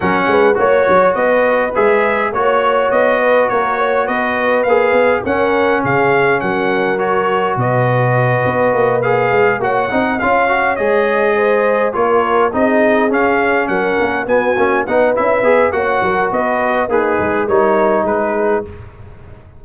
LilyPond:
<<
  \new Staff \with { instrumentName = "trumpet" } { \time 4/4 \tempo 4 = 103 fis''4 cis''4 dis''4 e''4 | cis''4 dis''4 cis''4 dis''4 | f''4 fis''4 f''4 fis''4 | cis''4 dis''2~ dis''8 f''8~ |
f''8 fis''4 f''4 dis''4.~ | dis''8 cis''4 dis''4 f''4 fis''8~ | fis''8 gis''4 fis''8 e''4 fis''4 | dis''4 b'4 cis''4 b'4 | }
  \new Staff \with { instrumentName = "horn" } { \time 4/4 ais'8 b'8 cis''4 b'2 | cis''4. b'8 ais'8 cis''8 b'4~ | b'4 ais'4 gis'4 ais'4~ | ais'4 b'2.~ |
b'8 cis''8 dis''8 cis''2 c''8~ | c''8 ais'4 gis'2 ais'8~ | ais'8 fis'4 b'4. cis''8 ais'8 | b'4 dis'4 ais'4 gis'4 | }
  \new Staff \with { instrumentName = "trombone" } { \time 4/4 cis'4 fis'2 gis'4 | fis'1 | gis'4 cis'2. | fis'2.~ fis'8 gis'8~ |
gis'8 fis'8 dis'8 f'8 fis'8 gis'4.~ | gis'8 f'4 dis'4 cis'4.~ | cis'8 b8 cis'8 dis'8 e'8 gis'8 fis'4~ | fis'4 gis'4 dis'2 | }
  \new Staff \with { instrumentName = "tuba" } { \time 4/4 fis8 gis8 ais8 fis8 b4 gis4 | ais4 b4 ais4 b4 | ais8 b8 cis'4 cis4 fis4~ | fis4 b,4. b8 ais4 |
gis8 ais8 c'8 cis'4 gis4.~ | gis8 ais4 c'4 cis'4 fis8 | ais8 b8 ais8 b8 cis'8 b8 ais8 fis8 | b4 ais8 gis8 g4 gis4 | }
>>